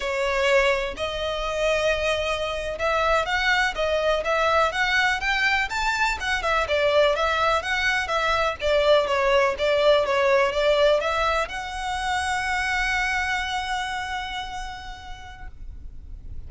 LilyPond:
\new Staff \with { instrumentName = "violin" } { \time 4/4 \tempo 4 = 124 cis''2 dis''2~ | dis''4.~ dis''16 e''4 fis''4 dis''16~ | dis''8. e''4 fis''4 g''4 a''16~ | a''8. fis''8 e''8 d''4 e''4 fis''16~ |
fis''8. e''4 d''4 cis''4 d''16~ | d''8. cis''4 d''4 e''4 fis''16~ | fis''1~ | fis''1 | }